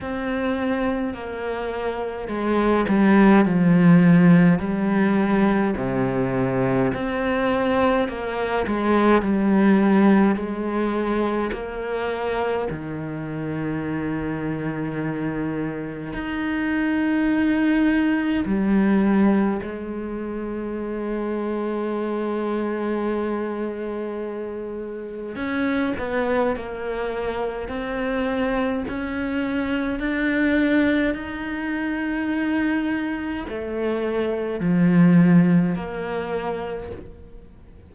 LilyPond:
\new Staff \with { instrumentName = "cello" } { \time 4/4 \tempo 4 = 52 c'4 ais4 gis8 g8 f4 | g4 c4 c'4 ais8 gis8 | g4 gis4 ais4 dis4~ | dis2 dis'2 |
g4 gis2.~ | gis2 cis'8 b8 ais4 | c'4 cis'4 d'4 dis'4~ | dis'4 a4 f4 ais4 | }